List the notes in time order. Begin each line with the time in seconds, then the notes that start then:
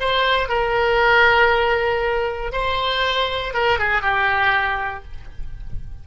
0.00 C5
0.49 A#4
2.52 C5
3.54 A#4
3.79 G#4
4.02 G4